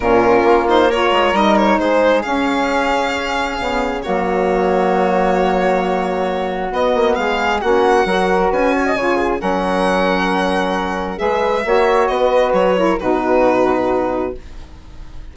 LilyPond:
<<
  \new Staff \with { instrumentName = "violin" } { \time 4/4 \tempo 4 = 134 ais'4. c''8 cis''4 dis''8 cis''8 | c''4 f''2.~ | f''4 cis''2.~ | cis''2. dis''4 |
f''4 fis''2 gis''4~ | gis''4 fis''2.~ | fis''4 e''2 dis''4 | cis''4 b'2. | }
  \new Staff \with { instrumentName = "flute" } { \time 4/4 f'2 ais'2 | gis'1~ | gis'4 fis'2.~ | fis'1 |
gis'4 fis'4 ais'4 b'8 cis''16 dis''16 | cis''8 gis'8 ais'2.~ | ais'4 b'4 cis''4 b'4~ | b'8 ais'8 fis'2. | }
  \new Staff \with { instrumentName = "saxophone" } { \time 4/4 cis'4. dis'8 f'4 dis'4~ | dis'4 cis'2. | b4 ais2.~ | ais2. b4~ |
b4 cis'4 fis'2 | f'4 cis'2.~ | cis'4 gis'4 fis'2~ | fis'8 e'8 dis'2. | }
  \new Staff \with { instrumentName = "bassoon" } { \time 4/4 ais,4 ais4. gis8 g4 | gis4 cis'2. | cis4 fis2.~ | fis2. b8 ais8 |
gis4 ais4 fis4 cis'4 | cis4 fis2.~ | fis4 gis4 ais4 b4 | fis4 b,2. | }
>>